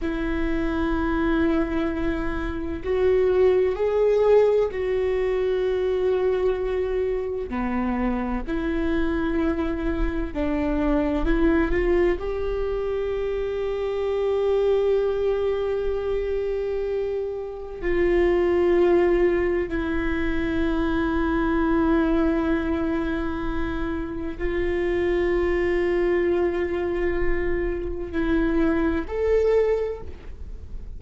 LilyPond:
\new Staff \with { instrumentName = "viola" } { \time 4/4 \tempo 4 = 64 e'2. fis'4 | gis'4 fis'2. | b4 e'2 d'4 | e'8 f'8 g'2.~ |
g'2. f'4~ | f'4 e'2.~ | e'2 f'2~ | f'2 e'4 a'4 | }